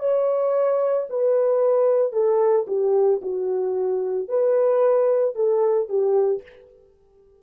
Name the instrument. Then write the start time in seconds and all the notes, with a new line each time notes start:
horn
0.00 C#5
1.10 B4
2.13 A4
2.67 G4
3.22 F#4
4.29 B4
5.36 A4
5.89 G4